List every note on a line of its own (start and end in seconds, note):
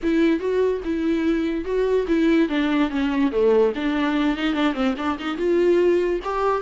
0.02 0.39 E4
0.39 0.81 F#4
0.84 1.64 E4
1.64 2.06 F#4
2.07 2.48 E4
2.48 2.90 D4
2.90 3.31 C#4
3.31 3.72 A3
3.75 4.36 D4
4.36 4.53 D#4
4.53 4.74 D4
4.74 4.94 C4
4.97 5.18 D4
5.18 5.37 D#4
5.37 6.20 F4
6.24 6.61 G4